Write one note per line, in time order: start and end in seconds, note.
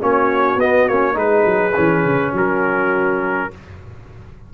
0.00 0.55 A#3
0.00 0.58 C#4
0.00 1.17 F#4
0.00 0.60 C#5
0.55 0.84 B3
0.55 0.89 B3
0.55 0.88 D#5
0.88 1.15 A#3
0.88 1.13 C#4
0.88 1.17 C#5
1.13 1.44 G#3
1.13 1.71 D#4
1.13 2.32 G#4
1.13 2.34 B4
1.45 1.74 F#3
1.76 2.05 E3
1.76 3.50 C#4
2.05 2.33 C#3
2.32 3.50 F#3
2.32 3.49 F#4
2.32 3.53 A#4